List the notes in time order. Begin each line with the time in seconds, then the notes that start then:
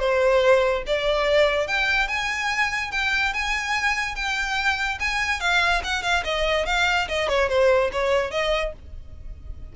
0.00 C5
0.87 D5
1.68 G5
2.08 G#5
2.92 G5
3.34 G#5
4.16 G5
5.00 G#5
5.41 F5
5.84 F#5
6.03 F5
6.25 D#5
6.66 F5
7.09 D#5
7.29 C#5
7.49 C5
7.93 C#5
8.31 D#5